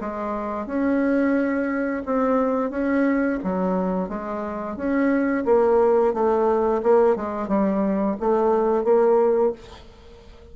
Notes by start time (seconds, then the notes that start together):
0.00 G#3
0.66 C#4
2.05 C4
2.70 C#4
3.43 F#3
4.08 G#3
4.76 C#4
5.45 A#3
6.13 A3
6.82 A#3
7.16 G#3
7.48 G3
8.20 A3
8.84 A#3